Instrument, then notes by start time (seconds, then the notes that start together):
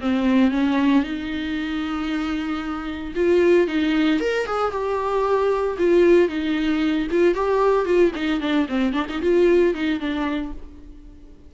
viola
0.00 C4
0.51 C#4
1.03 D#4
3.15 F4
3.67 D#4
4.20 A#4
4.46 G#4
4.71 G4
5.78 F4
6.28 D#4
7.11 F4
7.34 G4
7.85 F4
8.15 D#4
8.40 D4
8.68 C4
8.93 D4
9.09 D#4
9.21 F4
9.74 D#4
9.99 D4